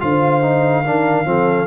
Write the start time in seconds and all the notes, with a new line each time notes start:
0.00 D3 F4 C5 F5
0.42 D#4
0.84 D#3 D4 A#4
1.25 F3 C4 A4